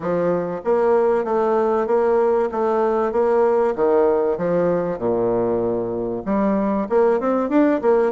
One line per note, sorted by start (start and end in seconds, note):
0.00 0.61 F3
0.64 1.24 A#3
1.24 1.86 A3
1.86 2.49 A#3
2.51 3.12 A3
3.12 3.74 A#3
3.75 4.38 D#3
4.38 4.98 F3
4.98 6.23 A#2
6.25 6.87 G3
6.89 7.19 A#3
7.19 7.49 C4
7.49 7.80 D4
7.81 8.12 A#3